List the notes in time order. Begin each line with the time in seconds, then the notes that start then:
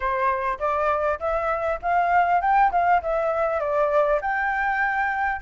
0.00 C5
0.59 D5
1.19 E5
1.82 F5
2.41 G5
2.71 F5
3.02 E5
3.60 D5
4.21 G5